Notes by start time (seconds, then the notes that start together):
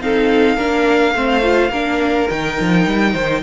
0.00 C4 D#4 A4 F5
0.56 A#3 D4 A#4
1.14 A3 C4 C5
1.42 F4
1.69 A#3 D4 A#4
2.29 D#3 D#4 G5
2.60 F3
2.86 G3
3.12 D#3 C5